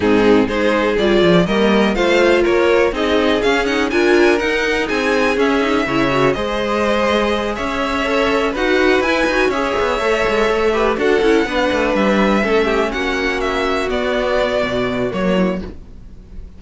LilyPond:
<<
  \new Staff \with { instrumentName = "violin" } { \time 4/4 \tempo 4 = 123 gis'4 c''4 d''4 dis''4 | f''4 cis''4 dis''4 f''8 fis''8 | gis''4 fis''4 gis''4 e''4~ | e''4 dis''2~ dis''8 e''8~ |
e''4. fis''4 gis''4 e''8~ | e''2~ e''8 fis''4.~ | fis''8 e''2 fis''4 e''8~ | e''8 d''2~ d''8 cis''4 | }
  \new Staff \with { instrumentName = "violin" } { \time 4/4 dis'4 gis'2 ais'4 | c''4 ais'4 gis'2 | ais'2 gis'2 | cis''4 c''2~ c''8 cis''8~ |
cis''4. b'2 cis''8~ | cis''2 b'8 a'4 b'8~ | b'4. a'8 g'8 fis'4.~ | fis'2.~ fis'8 e'8 | }
  \new Staff \with { instrumentName = "viola" } { \time 4/4 c'4 dis'4 f'4 ais4 | f'2 dis'4 cis'8 dis'8 | f'4 dis'2 cis'8 dis'8 | e'8 fis'8 gis'2.~ |
gis'8 a'4 fis'4 e'8 fis'8 gis'8~ | gis'8 a'4. g'8 fis'8 e'8 d'8~ | d'4. cis'2~ cis'8~ | cis'8 b2~ b8 ais4 | }
  \new Staff \with { instrumentName = "cello" } { \time 4/4 gis,4 gis4 g8 f8 g4 | a4 ais4 c'4 cis'4 | d'4 dis'4 c'4 cis'4 | cis4 gis2~ gis8 cis'8~ |
cis'4. dis'4 e'8 dis'8 cis'8 | b8 a8 gis8 a4 d'8 cis'8 b8 | a8 g4 a4 ais4.~ | ais8 b4. b,4 fis4 | }
>>